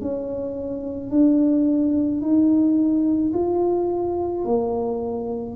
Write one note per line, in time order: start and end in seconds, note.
0.00 1.10 C#4
1.10 2.21 D4
2.21 3.32 D#4
3.33 4.44 F4
4.44 5.55 A#3